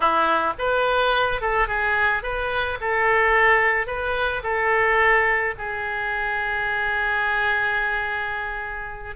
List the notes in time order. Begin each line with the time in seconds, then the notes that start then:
0.00 E4
0.58 B4
1.41 A4
1.67 G#4
2.22 B4
2.80 A4
3.87 B4
4.43 A4
5.58 G#4